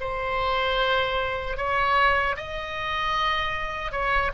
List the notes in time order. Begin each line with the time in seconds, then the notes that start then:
0.00 C5
1.57 C#5
2.36 D#5
3.92 C#5